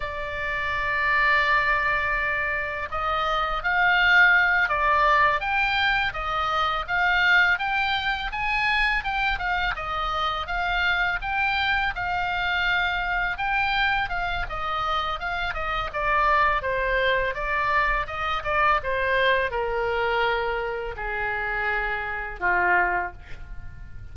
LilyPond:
\new Staff \with { instrumentName = "oboe" } { \time 4/4 \tempo 4 = 83 d''1 | dis''4 f''4. d''4 g''8~ | g''8 dis''4 f''4 g''4 gis''8~ | gis''8 g''8 f''8 dis''4 f''4 g''8~ |
g''8 f''2 g''4 f''8 | dis''4 f''8 dis''8 d''4 c''4 | d''4 dis''8 d''8 c''4 ais'4~ | ais'4 gis'2 f'4 | }